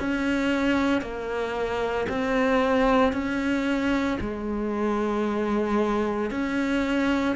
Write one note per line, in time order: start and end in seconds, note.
0.00 1.02 C#4
1.02 2.07 A#3
2.10 3.13 C4
3.13 4.19 C#4
4.21 6.31 G#3
6.31 7.36 C#4